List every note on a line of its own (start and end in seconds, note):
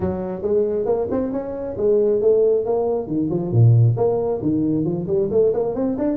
0.00 0.42 F#3
0.42 0.85 G#3
0.85 1.07 A#3
1.10 1.32 C4
1.32 1.76 C#4
1.77 2.21 G#3
2.21 2.65 A3
2.65 3.07 A#3
3.07 3.29 D#3
3.29 3.52 F3
3.52 3.96 A#2
3.96 4.41 A#3
4.42 4.84 D#3
4.84 5.07 F3
5.07 5.29 G3
5.30 5.52 A3
5.53 5.74 A#3
5.74 5.96 C4
5.97 6.16 D4